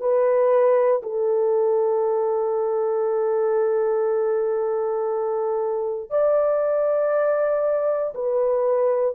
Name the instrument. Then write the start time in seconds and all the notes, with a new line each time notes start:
horn
0.00 B4
1.03 A4
6.10 D5
8.14 B4